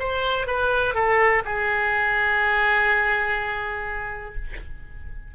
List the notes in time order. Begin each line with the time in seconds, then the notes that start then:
0.00 C5
0.47 B4
0.95 A4
1.45 G#4